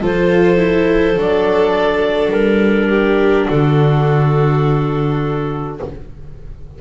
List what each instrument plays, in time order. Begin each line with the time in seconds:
0.00 double bass F3, viola F4, violin A4, clarinet C5
0.57 viola E4
1.16 double bass F#3, viola D4, clarinet D5
2.31 double bass G3, clarinet A#4
2.89 violin G4
3.48 double bass D3, violin F#4, clarinet A4